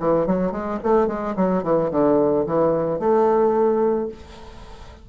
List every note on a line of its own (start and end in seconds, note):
0.00 0.27 E3
0.27 0.52 F#3
0.52 0.79 G#3
0.84 1.08 A3
1.08 1.35 G#3
1.36 1.64 F#3
1.64 1.91 E3
1.91 2.46 D3
2.46 3.00 E3
3.00 4.09 A3